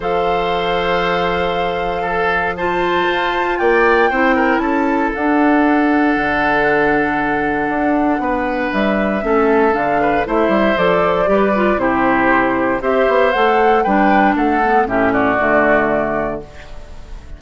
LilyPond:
<<
  \new Staff \with { instrumentName = "flute" } { \time 4/4 \tempo 4 = 117 f''1~ | f''4 a''2 g''4~ | g''4 a''4 fis''2~ | fis''1~ |
fis''4 e''2 f''4 | e''4 d''2 c''4~ | c''4 e''4 fis''4 g''4 | fis''4 e''8 d''2~ d''8 | }
  \new Staff \with { instrumentName = "oboe" } { \time 4/4 c''1 | a'4 c''2 d''4 | c''8 ais'8 a'2.~ | a'1 |
b'2 a'4. b'8 | c''2 b'4 g'4~ | g'4 c''2 b'4 | a'4 g'8 fis'2~ fis'8 | }
  \new Staff \with { instrumentName = "clarinet" } { \time 4/4 a'1~ | a'4 f'2. | e'2 d'2~ | d'1~ |
d'2 cis'4 d'4 | e'4 a'4 g'8 f'8 e'4~ | e'4 g'4 a'4 d'4~ | d'8 b8 cis'4 a2 | }
  \new Staff \with { instrumentName = "bassoon" } { \time 4/4 f1~ | f2 f'4 ais4 | c'4 cis'4 d'2 | d2. d'4 |
b4 g4 a4 d4 | a8 g8 f4 g4 c4~ | c4 c'8 b8 a4 g4 | a4 a,4 d2 | }
>>